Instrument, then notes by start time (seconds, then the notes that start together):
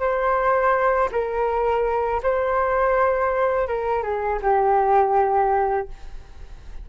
flute
0.00 C5
1.12 A#4
2.24 C5
3.68 A#4
4.03 G#4
4.42 G4